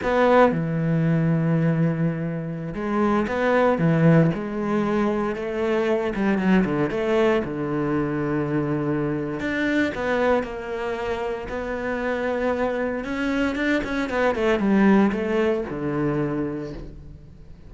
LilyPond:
\new Staff \with { instrumentName = "cello" } { \time 4/4 \tempo 4 = 115 b4 e2.~ | e4~ e16 gis4 b4 e8.~ | e16 gis2 a4. g16~ | g16 fis8 d8 a4 d4.~ d16~ |
d2 d'4 b4 | ais2 b2~ | b4 cis'4 d'8 cis'8 b8 a8 | g4 a4 d2 | }